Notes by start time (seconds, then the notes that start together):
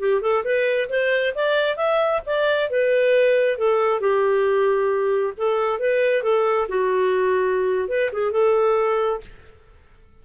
0.00 G4
0.22 A4
0.45 B4
0.90 C5
1.35 D5
1.77 E5
2.26 D5
2.71 B4
3.59 A4
4.01 G4
5.38 A4
5.79 B4
6.23 A4
6.69 F#4
7.89 B4
8.13 G#4
8.32 A4